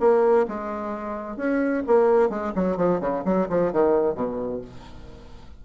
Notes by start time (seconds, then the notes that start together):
0.00 A#3
0.48 G#3
1.37 C#4
1.87 A#3
2.30 G#3
2.55 F#3
2.77 F3
3.00 C#3
3.25 F#3
3.49 F3
3.73 D#3
4.15 B2